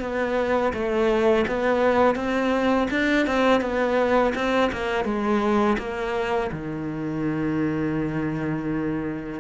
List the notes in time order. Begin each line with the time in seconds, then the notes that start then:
0.00 B3
0.73 A3
1.47 B3
2.15 C4
2.90 D4
3.27 C4
3.61 B3
4.35 C4
4.72 A#3
5.04 G#3
5.78 A#3
6.52 D#3